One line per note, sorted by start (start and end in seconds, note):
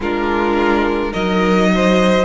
0.00 1.12 G#3
0.00 1.13 D4
0.00 1.11 F4
0.00 1.13 A#4
1.11 2.25 F#3
1.11 2.25 D#4
1.11 1.68 A#4
1.11 2.25 D#5
1.74 2.25 C5